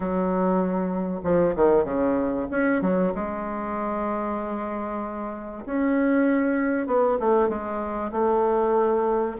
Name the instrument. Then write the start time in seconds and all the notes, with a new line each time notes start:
bassoon
0.00 F#3
1.23 F3
1.55 D#3
1.84 C#3
2.50 C#4
2.81 F#3
3.14 G#3
5.65 C#4
6.86 B3
7.19 A3
7.48 G#3
8.11 A3